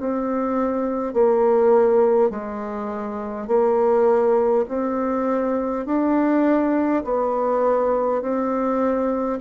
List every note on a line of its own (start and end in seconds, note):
0.00 1.14 C4
1.14 2.30 A#3
2.30 3.48 G#3
3.48 4.65 A#3
4.68 5.86 C4
5.86 7.04 D4
7.05 8.22 B3
8.22 9.40 C4